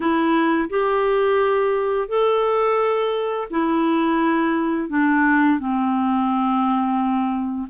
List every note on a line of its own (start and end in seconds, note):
0.00 0.68 E4
0.69 2.08 G4
2.08 3.48 A4
3.50 4.89 E4
4.89 5.59 D4
5.59 7.68 C4